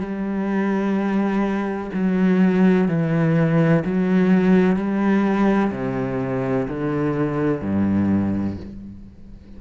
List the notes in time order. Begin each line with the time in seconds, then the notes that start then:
0.00 G3
1.94 F#3
2.89 E3
3.85 F#3
4.76 G3
5.72 C3
6.68 D3
7.62 G2